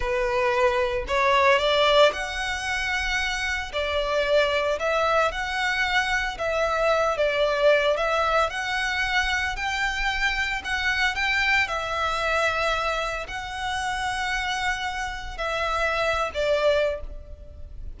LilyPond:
\new Staff \with { instrumentName = "violin" } { \time 4/4 \tempo 4 = 113 b'2 cis''4 d''4 | fis''2. d''4~ | d''4 e''4 fis''2 | e''4. d''4. e''4 |
fis''2 g''2 | fis''4 g''4 e''2~ | e''4 fis''2.~ | fis''4 e''4.~ e''16 d''4~ d''16 | }